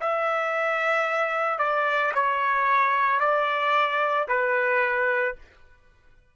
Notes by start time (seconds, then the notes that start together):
0.00 E5
1.58 D5
2.14 C#5
3.19 D5
4.28 B4